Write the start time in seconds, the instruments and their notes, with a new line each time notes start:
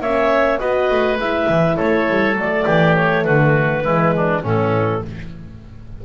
0.00 double bass A#3, horn C#4, oboe C#5, clarinet E5
0.59 double bass B3, horn F#4, oboe B4, clarinet D#5
0.90 double bass A3
1.18 double bass G#3, horn E4, clarinet E5
1.48 double bass E3
1.76 double bass A3, oboe A4, clarinet C#5
2.09 double bass G3
2.35 double bass F#3, horn A3, clarinet D5
2.65 double bass E3, oboe G4
2.96 clarinet C#5
3.24 double bass D3, oboe F#4, clarinet B4
3.83 double bass E3, horn G#3, oboe E4
4.16 oboe D4
4.42 double bass A2, horn E3, oboe C#4, clarinet A4